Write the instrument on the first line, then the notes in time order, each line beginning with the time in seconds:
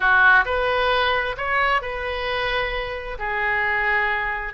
oboe
0.00 F#4
0.45 B4
1.37 C#5
1.81 B4
3.19 G#4